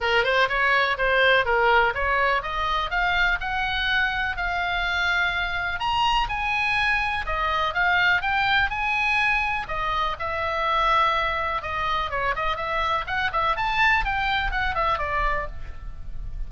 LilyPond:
\new Staff \with { instrumentName = "oboe" } { \time 4/4 \tempo 4 = 124 ais'8 c''8 cis''4 c''4 ais'4 | cis''4 dis''4 f''4 fis''4~ | fis''4 f''2. | ais''4 gis''2 dis''4 |
f''4 g''4 gis''2 | dis''4 e''2. | dis''4 cis''8 dis''8 e''4 fis''8 e''8 | a''4 g''4 fis''8 e''8 d''4 | }